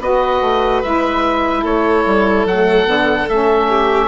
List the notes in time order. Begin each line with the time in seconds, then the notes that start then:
0.00 B3 F#4 B4 D#5
0.41 A3
0.82 G#3 E4 E5
1.62 A3 A4 C#5
2.06 G3
2.46 F#3 A3 F#5
2.85 D3 B3
3.29 A3 C#4 E5
3.69 G4